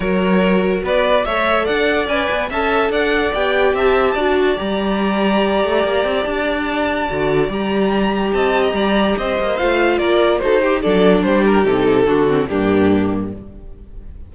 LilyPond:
<<
  \new Staff \with { instrumentName = "violin" } { \time 4/4 \tempo 4 = 144 cis''2 d''4 e''4 | fis''4 gis''4 a''4 fis''4 | g''4 a''2 ais''4~ | ais''2. a''4~ |
a''2 ais''2 | a''8. ais''4~ ais''16 dis''4 f''4 | d''4 c''4 d''4 c''8 ais'8 | a'2 g'2 | }
  \new Staff \with { instrumentName = "violin" } { \time 4/4 ais'2 b'4 cis''4 | d''2 e''4 d''4~ | d''4 e''4 d''2~ | d''1~ |
d''1 | dis''4 d''4 c''2 | ais'4 a'8 g'8 a'4 g'4~ | g'4 fis'4 d'2 | }
  \new Staff \with { instrumentName = "viola" } { \time 4/4 fis'2. a'4~ | a'4 b'4 a'2 | g'2 fis'4 g'4~ | g'1~ |
g'4 fis'4 g'2~ | g'2. f'4~ | f'4 fis'8 g'8 d'2 | dis'4 d'8 c'8 ais2 | }
  \new Staff \with { instrumentName = "cello" } { \time 4/4 fis2 b4 a4 | d'4 cis'8 b8 cis'4 d'4 | b4 c'4 d'4 g4~ | g4. a8 ais8 c'8 d'4~ |
d'4 d4 g2 | c'4 g4 c'8 ais8 a4 | ais4 dis'4 fis4 g4 | c4 d4 g,2 | }
>>